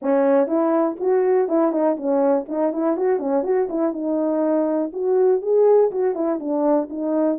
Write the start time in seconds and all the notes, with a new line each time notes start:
0.02 C#4
0.47 E4
0.99 F#4
1.48 E4
1.71 D#4
1.96 C#4
2.48 D#4
2.72 E4
2.96 F#4
3.19 C#4
3.43 F#4
3.69 E4
3.93 D#4
4.92 F#4
5.41 G#4
5.91 F#4
6.14 E4
6.39 D4
6.89 D#4